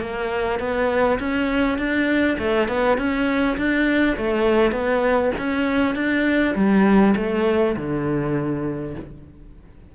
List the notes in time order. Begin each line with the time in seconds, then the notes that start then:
0.00 A#3
0.59 B3
1.19 C#4
1.78 D4
2.39 A3
2.68 B3
2.98 C#4
3.58 D4
4.17 A3
4.72 B3
5.38 C#4
5.95 D4
6.55 G3
7.16 A3
7.76 D3